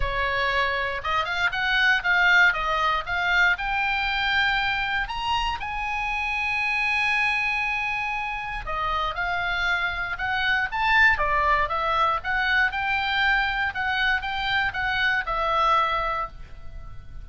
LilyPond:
\new Staff \with { instrumentName = "oboe" } { \time 4/4 \tempo 4 = 118 cis''2 dis''8 f''8 fis''4 | f''4 dis''4 f''4 g''4~ | g''2 ais''4 gis''4~ | gis''1~ |
gis''4 dis''4 f''2 | fis''4 a''4 d''4 e''4 | fis''4 g''2 fis''4 | g''4 fis''4 e''2 | }